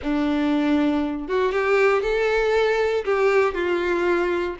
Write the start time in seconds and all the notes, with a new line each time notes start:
0.02 D4
1.28 F#4
1.51 G4
2.02 A4
3.04 G4
3.54 F4